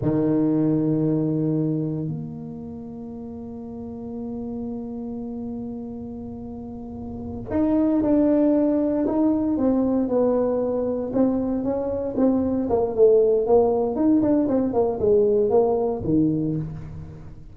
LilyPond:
\new Staff \with { instrumentName = "tuba" } { \time 4/4 \tempo 4 = 116 dis1 | ais1~ | ais1~ | ais2~ ais8 dis'4 d'8~ |
d'4. dis'4 c'4 b8~ | b4. c'4 cis'4 c'8~ | c'8 ais8 a4 ais4 dis'8 d'8 | c'8 ais8 gis4 ais4 dis4 | }